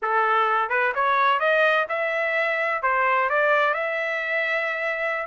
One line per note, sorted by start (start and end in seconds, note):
0.01 0.69 A4
0.69 0.92 B4
0.94 1.39 C#5
1.39 1.86 D#5
1.89 2.82 E5
2.82 3.29 C5
3.29 3.74 D5
3.74 5.26 E5